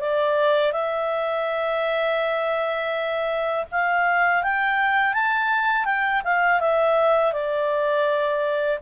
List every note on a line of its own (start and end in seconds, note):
0.00 0.72 D5
0.72 3.65 E5
3.71 4.43 F5
4.43 5.13 G5
5.13 5.85 A5
5.85 6.22 G5
6.24 6.60 F5
6.60 7.33 E5
7.33 8.79 D5